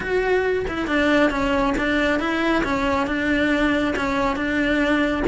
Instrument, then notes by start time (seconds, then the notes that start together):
cello
0.00 F#4
0.67 E4
0.87 D4
1.30 C#4
1.77 D4
2.19 E4
2.63 C#4
3.07 D4
3.96 C#4
4.35 D4